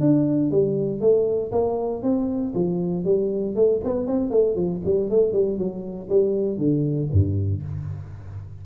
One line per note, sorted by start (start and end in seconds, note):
0.00 0.51 D4
0.51 1.00 G3
1.00 1.51 A3
1.52 2.03 A#3
2.03 2.54 C4
2.55 3.05 F3
3.05 3.55 G3
3.55 3.81 A3
3.84 4.07 B3
4.07 4.31 C4
4.31 4.56 A3
4.56 4.81 F3
4.85 5.10 G3
5.10 5.33 A3
5.33 5.58 G3
5.58 6.09 F#3
6.09 6.58 G3
6.58 7.09 D3
7.12 7.63 G2